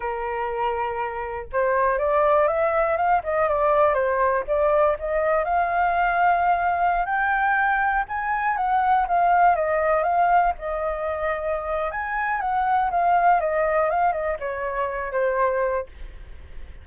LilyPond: \new Staff \with { instrumentName = "flute" } { \time 4/4 \tempo 4 = 121 ais'2. c''4 | d''4 e''4 f''8 dis''8 d''4 | c''4 d''4 dis''4 f''4~ | f''2~ f''16 g''4.~ g''16~ |
g''16 gis''4 fis''4 f''4 dis''8.~ | dis''16 f''4 dis''2~ dis''8. | gis''4 fis''4 f''4 dis''4 | f''8 dis''8 cis''4. c''4. | }